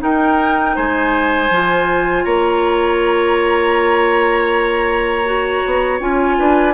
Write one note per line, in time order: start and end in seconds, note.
0.00 1.50 D#4
0.00 0.77 D#4
0.00 0.76 A#4
0.00 0.77 G5
0.76 1.50 G#3
0.76 2.25 C5
0.76 2.24 G#5
1.50 2.25 F3
1.50 5.26 F4
2.24 5.63 A#3
2.24 6.37 C#5
2.24 5.99 A#5
5.26 6.00 F#4
5.66 6.00 B3
6.00 6.38 C#4
6.00 6.74 F4
6.00 6.74 G#5
6.39 6.74 D4
6.39 6.74 B4